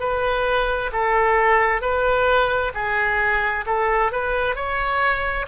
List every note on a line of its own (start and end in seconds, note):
0.00 0.91 B4
0.92 1.81 A4
1.81 2.72 B4
2.74 3.65 G#4
3.67 4.12 A4
4.12 4.55 B4
4.55 5.46 C#5